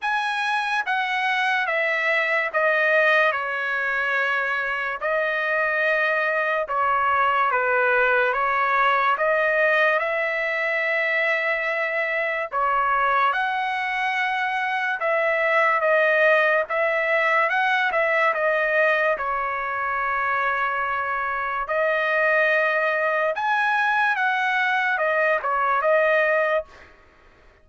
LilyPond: \new Staff \with { instrumentName = "trumpet" } { \time 4/4 \tempo 4 = 72 gis''4 fis''4 e''4 dis''4 | cis''2 dis''2 | cis''4 b'4 cis''4 dis''4 | e''2. cis''4 |
fis''2 e''4 dis''4 | e''4 fis''8 e''8 dis''4 cis''4~ | cis''2 dis''2 | gis''4 fis''4 dis''8 cis''8 dis''4 | }